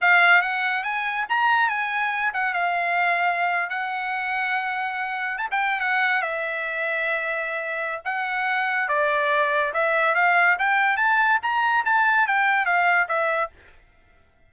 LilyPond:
\new Staff \with { instrumentName = "trumpet" } { \time 4/4 \tempo 4 = 142 f''4 fis''4 gis''4 ais''4 | gis''4. fis''8 f''2~ | f''8. fis''2.~ fis''16~ | fis''8. a''16 g''8. fis''4 e''4~ e''16~ |
e''2. fis''4~ | fis''4 d''2 e''4 | f''4 g''4 a''4 ais''4 | a''4 g''4 f''4 e''4 | }